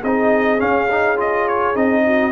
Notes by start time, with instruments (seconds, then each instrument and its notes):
0.00 tuba C4, horn G#4, trumpet D#5
0.06 trombone D#4
0.58 trombone C#4, tuba C#4, trumpet F5
0.90 trombone D#4
1.17 trombone F4, trumpet D#5
1.48 trumpet C#5
1.74 tuba C4, trombone D#4, trumpet D#5
2.06 horn F#4